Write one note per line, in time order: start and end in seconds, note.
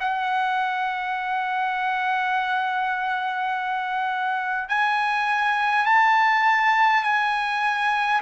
0.00 4.69 F#5
4.69 5.86 G#5
5.86 7.03 A5
7.03 8.21 G#5